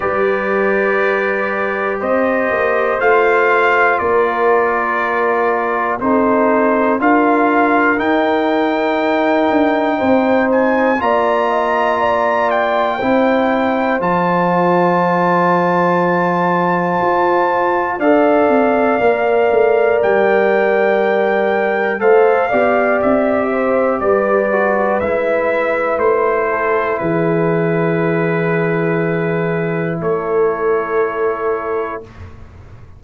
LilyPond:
<<
  \new Staff \with { instrumentName = "trumpet" } { \time 4/4 \tempo 4 = 60 d''2 dis''4 f''4 | d''2 c''4 f''4 | g''2~ g''8 gis''8 ais''4~ | ais''8 g''4. a''2~ |
a''2 f''2 | g''2 f''4 e''4 | d''4 e''4 c''4 b'4~ | b'2 cis''2 | }
  \new Staff \with { instrumentName = "horn" } { \time 4/4 b'2 c''2 | ais'2 a'4 ais'4~ | ais'2 c''4 d''8 dis''8 | d''4 c''2.~ |
c''2 d''2~ | d''2 c''8 d''4 c''8 | b'2~ b'8 a'8 gis'4~ | gis'2 a'2 | }
  \new Staff \with { instrumentName = "trombone" } { \time 4/4 g'2. f'4~ | f'2 dis'4 f'4 | dis'2. f'4~ | f'4 e'4 f'2~ |
f'2 a'4 ais'4~ | ais'2 a'8 g'4.~ | g'8 fis'8 e'2.~ | e'1 | }
  \new Staff \with { instrumentName = "tuba" } { \time 4/4 g2 c'8 ais8 a4 | ais2 c'4 d'4 | dis'4. d'8 c'4 ais4~ | ais4 c'4 f2~ |
f4 f'4 d'8 c'8 ais8 a8 | g2 a8 b8 c'4 | g4 gis4 a4 e4~ | e2 a2 | }
>>